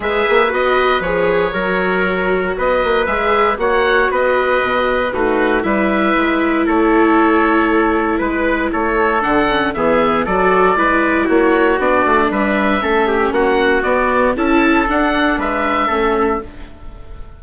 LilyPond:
<<
  \new Staff \with { instrumentName = "oboe" } { \time 4/4 \tempo 4 = 117 e''4 dis''4 cis''2~ | cis''4 dis''4 e''4 fis''4 | dis''2 b'4 e''4~ | e''4 cis''2. |
b'4 cis''4 fis''4 e''4 | d''2 cis''4 d''4 | e''2 fis''4 d''4 | a''4 fis''4 e''2 | }
  \new Staff \with { instrumentName = "trumpet" } { \time 4/4 b'2. ais'4~ | ais'4 b'2 cis''4 | b'2 fis'4 b'4~ | b'4 a'2. |
b'4 a'2 gis'4 | a'4 b'4 fis'2 | b'4 a'8 g'8 fis'2 | a'2 b'4 a'4 | }
  \new Staff \with { instrumentName = "viola" } { \time 4/4 gis'4 fis'4 gis'4 fis'4~ | fis'2 gis'4 fis'4~ | fis'2 dis'4 e'4~ | e'1~ |
e'2 d'8 cis'8 b4 | fis'4 e'2 d'4~ | d'4 cis'2 b4 | e'4 d'2 cis'4 | }
  \new Staff \with { instrumentName = "bassoon" } { \time 4/4 gis8 ais8 b4 f4 fis4~ | fis4 b8 ais8 gis4 ais4 | b4 b,4 a4 g4 | gis4 a2. |
gis4 a4 d4 e4 | fis4 gis4 ais4 b8 a8 | g4 a4 ais4 b4 | cis'4 d'4 gis4 a4 | }
>>